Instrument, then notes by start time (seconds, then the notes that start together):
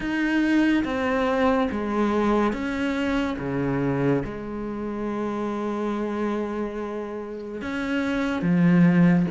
cello
0.00 D#4
0.84 C4
1.71 G#3
2.52 C#4
3.38 C#3
4.24 G#3
7.61 C#4
8.42 F3